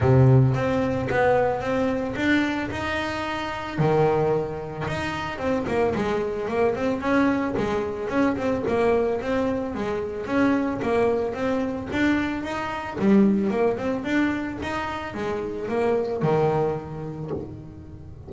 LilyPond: \new Staff \with { instrumentName = "double bass" } { \time 4/4 \tempo 4 = 111 c4 c'4 b4 c'4 | d'4 dis'2 dis4~ | dis4 dis'4 c'8 ais8 gis4 | ais8 c'8 cis'4 gis4 cis'8 c'8 |
ais4 c'4 gis4 cis'4 | ais4 c'4 d'4 dis'4 | g4 ais8 c'8 d'4 dis'4 | gis4 ais4 dis2 | }